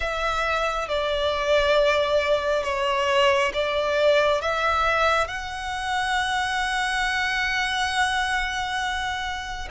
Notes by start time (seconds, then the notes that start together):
0.00 E5
0.88 D5
2.63 C#5
3.53 D5
4.41 E5
5.27 F#5